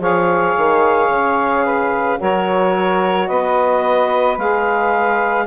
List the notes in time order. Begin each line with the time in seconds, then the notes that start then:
0.00 F3 G#4 C#5 F5
0.57 D#3
1.09 C#3
1.65 B4
2.17 F#3 F#4 A#4 C#5
3.27 B3 B4 D#5
4.37 G#3 G#4 F5